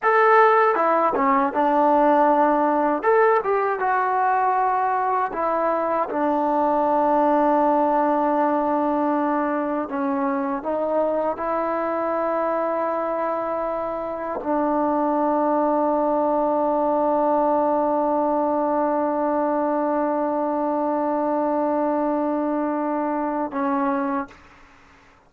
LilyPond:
\new Staff \with { instrumentName = "trombone" } { \time 4/4 \tempo 4 = 79 a'4 e'8 cis'8 d'2 | a'8 g'8 fis'2 e'4 | d'1~ | d'4 cis'4 dis'4 e'4~ |
e'2. d'4~ | d'1~ | d'1~ | d'2. cis'4 | }